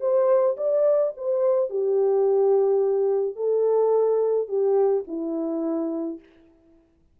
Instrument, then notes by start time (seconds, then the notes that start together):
horn
0.00 C5
0.57 D5
1.17 C5
1.70 G4
3.36 A4
4.48 G4
5.07 E4